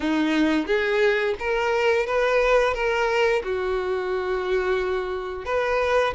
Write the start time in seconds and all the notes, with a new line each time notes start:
0.00 D#4
0.66 G#4
1.39 A#4
2.06 B4
2.74 A#4
3.43 F#4
5.45 B4